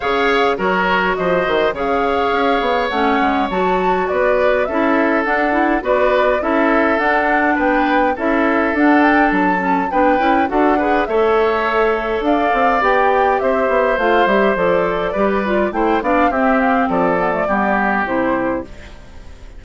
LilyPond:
<<
  \new Staff \with { instrumentName = "flute" } { \time 4/4 \tempo 4 = 103 f''4 cis''4 dis''4 f''4~ | f''4 fis''4 a''4 d''4 | e''4 fis''4 d''4 e''4 | fis''4 g''4 e''4 fis''8 g''8 |
a''4 g''4 fis''4 e''4~ | e''4 f''4 g''4 e''4 | f''8 e''8 d''2 g''8 f''8 | e''8 f''8 d''2 c''4 | }
  \new Staff \with { instrumentName = "oboe" } { \time 4/4 cis''4 ais'4 c''4 cis''4~ | cis''2. b'4 | a'2 b'4 a'4~ | a'4 b'4 a'2~ |
a'4 b'4 a'8 b'8 cis''4~ | cis''4 d''2 c''4~ | c''2 b'4 c''8 d''8 | g'4 a'4 g'2 | }
  \new Staff \with { instrumentName = "clarinet" } { \time 4/4 gis'4 fis'2 gis'4~ | gis'4 cis'4 fis'2 | e'4 d'8 e'8 fis'4 e'4 | d'2 e'4 d'4~ |
d'8 cis'8 d'8 e'8 fis'8 gis'8 a'4~ | a'2 g'2 | f'8 g'8 a'4 g'8 f'8 e'8 d'8 | c'4. b16 a16 b4 e'4 | }
  \new Staff \with { instrumentName = "bassoon" } { \time 4/4 cis4 fis4 f8 dis8 cis4 | cis'8 b8 a8 gis8 fis4 b4 | cis'4 d'4 b4 cis'4 | d'4 b4 cis'4 d'4 |
fis4 b8 cis'8 d'4 a4~ | a4 d'8 c'8 b4 c'8 b8 | a8 g8 f4 g4 a8 b8 | c'4 f4 g4 c4 | }
>>